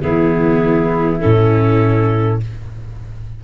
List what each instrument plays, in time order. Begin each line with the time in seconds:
0.00 tuba E3, viola B3, flute E4, clarinet G#4
1.20 tuba A2, viola C#4, clarinet A4